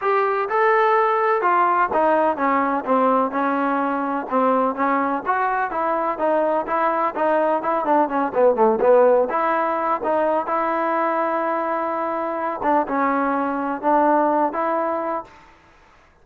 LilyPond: \new Staff \with { instrumentName = "trombone" } { \time 4/4 \tempo 4 = 126 g'4 a'2 f'4 | dis'4 cis'4 c'4 cis'4~ | cis'4 c'4 cis'4 fis'4 | e'4 dis'4 e'4 dis'4 |
e'8 d'8 cis'8 b8 a8 b4 e'8~ | e'4 dis'4 e'2~ | e'2~ e'8 d'8 cis'4~ | cis'4 d'4. e'4. | }